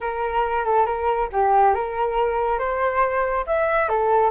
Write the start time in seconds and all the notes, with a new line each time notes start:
0.01 A#4
0.65 A4
0.86 A#4
1.32 G4
1.74 A#4
2.58 C5
3.46 E5
3.88 A4